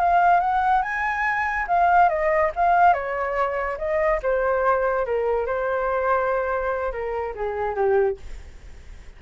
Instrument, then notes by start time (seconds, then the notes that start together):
flute
0.00 F5
0.41 F#5
0.83 G#5
1.68 F5
2.10 D#5
2.56 F5
2.94 C#5
3.78 D#5
4.23 C5
5.06 A#4
5.47 C5
6.93 A#4
7.36 G#4
7.75 G4